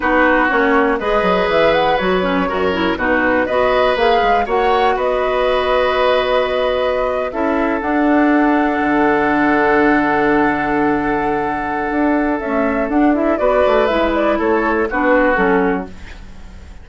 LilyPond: <<
  \new Staff \with { instrumentName = "flute" } { \time 4/4 \tempo 4 = 121 b'4 cis''4 dis''4 e''8 fis''8 | cis''2 b'4 dis''4 | f''4 fis''4 dis''2~ | dis''2~ dis''8. e''4 fis''16~ |
fis''1~ | fis''1~ | fis''4 e''4 fis''8 e''8 d''4 | e''8 d''8 cis''4 b'4 a'4 | }
  \new Staff \with { instrumentName = "oboe" } { \time 4/4 fis'2 b'2~ | b'4 ais'4 fis'4 b'4~ | b'4 cis''4 b'2~ | b'2~ b'8. a'4~ a'16~ |
a'1~ | a'1~ | a'2. b'4~ | b'4 a'4 fis'2 | }
  \new Staff \with { instrumentName = "clarinet" } { \time 4/4 dis'4 cis'4 gis'2 | fis'8 cis'8 fis'8 e'8 dis'4 fis'4 | gis'4 fis'2.~ | fis'2~ fis'8. e'4 d'16~ |
d'1~ | d'1~ | d'4 a4 d'8 e'8 fis'4 | e'2 d'4 cis'4 | }
  \new Staff \with { instrumentName = "bassoon" } { \time 4/4 b4 ais4 gis8 fis8 e4 | fis4 fis,4 b,4 b4 | ais8 gis8 ais4 b2~ | b2~ b8. cis'4 d'16~ |
d'4.~ d'16 d2~ d16~ | d1 | d'4 cis'4 d'4 b8 a8 | gis4 a4 b4 fis4 | }
>>